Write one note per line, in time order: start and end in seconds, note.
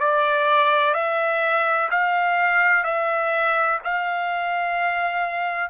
0.00 0.94 D5
0.94 1.90 E5
1.91 2.84 F5
2.84 3.79 E5
3.84 5.71 F5